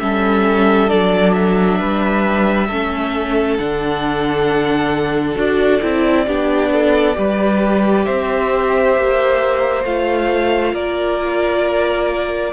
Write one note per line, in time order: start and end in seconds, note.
0.00 0.91 G3
0.00 0.88 C#4
0.00 1.79 A4
0.00 0.89 E5
0.88 1.81 F#3
0.88 2.68 D4
0.88 1.33 D5
1.33 3.57 E5
1.79 2.70 G3
1.79 2.68 B4
2.68 3.59 A3
2.68 3.60 C#4
2.68 6.26 A4
3.58 5.37 D3
3.58 5.36 D4
3.58 5.37 F#5
5.36 5.81 D4
5.36 5.80 F#4
5.36 8.05 D5
5.82 6.27 C4
5.82 6.26 E4
6.27 7.17 B3
6.27 7.15 D4
6.27 6.72 G4
6.72 7.17 A4
7.15 8.07 G3
7.15 9.84 G4
7.15 8.05 B4
8.05 8.97 C4
8.05 10.74 C5
8.05 9.84 E5
8.97 9.85 A#3
9.85 10.74 A3
9.85 12.53 F4
9.85 10.75 F5
10.74 12.53 A#3
10.74 12.53 A#4
10.74 12.53 D5